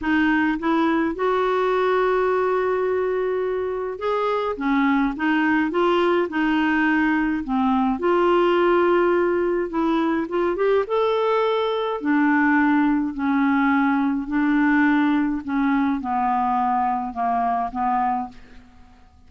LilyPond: \new Staff \with { instrumentName = "clarinet" } { \time 4/4 \tempo 4 = 105 dis'4 e'4 fis'2~ | fis'2. gis'4 | cis'4 dis'4 f'4 dis'4~ | dis'4 c'4 f'2~ |
f'4 e'4 f'8 g'8 a'4~ | a'4 d'2 cis'4~ | cis'4 d'2 cis'4 | b2 ais4 b4 | }